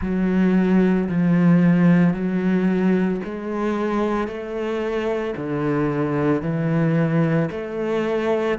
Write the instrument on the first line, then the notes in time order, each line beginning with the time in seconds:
cello
0.01 F#3
1.08 F3
2.13 F#3
3.24 G#3
4.27 A3
5.36 D3
6.42 E3
7.50 A3